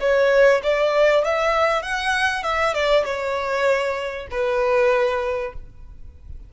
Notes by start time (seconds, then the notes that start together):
0.00 C#5
0.63 D5
1.24 E5
1.82 F#5
2.43 E5
2.74 D5
3.05 C#5
4.31 B4